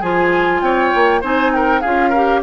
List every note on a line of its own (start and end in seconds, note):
0.00 0.61 F3
0.00 1.22 F4
0.00 0.61 G#4
0.00 0.61 G#5
0.61 0.92 C4
0.61 1.21 C#5
0.61 1.22 G5
0.95 1.23 A#3
1.21 1.83 C4
1.21 1.83 D#4
1.21 1.51 C5
1.21 1.55 G#5
1.54 1.81 A#4
1.54 1.81 G5
1.81 2.43 C#4
1.81 2.15 F4
1.81 2.09 G#4
1.81 2.41 F5
2.09 2.43 G4
2.09 2.40 A#4